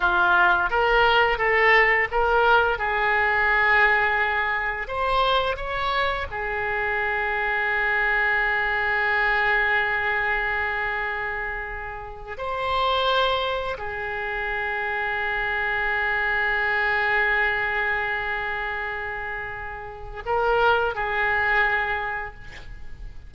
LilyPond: \new Staff \with { instrumentName = "oboe" } { \time 4/4 \tempo 4 = 86 f'4 ais'4 a'4 ais'4 | gis'2. c''4 | cis''4 gis'2.~ | gis'1~ |
gis'4.~ gis'16 c''2 gis'16~ | gis'1~ | gis'1~ | gis'4 ais'4 gis'2 | }